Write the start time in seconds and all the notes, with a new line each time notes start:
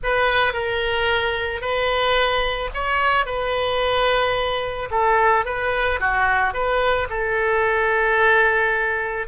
0.03 B4
0.53 A#4
1.61 B4
2.73 C#5
3.25 B4
4.90 A4
5.45 B4
6.00 F#4
6.53 B4
7.09 A4